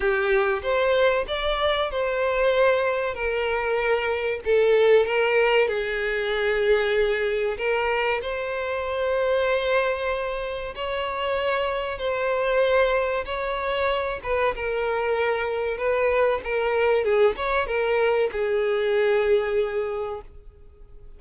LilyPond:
\new Staff \with { instrumentName = "violin" } { \time 4/4 \tempo 4 = 95 g'4 c''4 d''4 c''4~ | c''4 ais'2 a'4 | ais'4 gis'2. | ais'4 c''2.~ |
c''4 cis''2 c''4~ | c''4 cis''4. b'8 ais'4~ | ais'4 b'4 ais'4 gis'8 cis''8 | ais'4 gis'2. | }